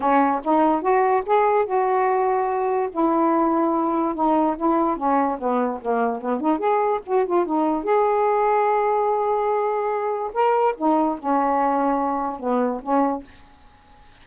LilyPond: \new Staff \with { instrumentName = "saxophone" } { \time 4/4 \tempo 4 = 145 cis'4 dis'4 fis'4 gis'4 | fis'2. e'4~ | e'2 dis'4 e'4 | cis'4 b4 ais4 b8 dis'8 |
gis'4 fis'8 f'8 dis'4 gis'4~ | gis'1~ | gis'4 ais'4 dis'4 cis'4~ | cis'2 b4 cis'4 | }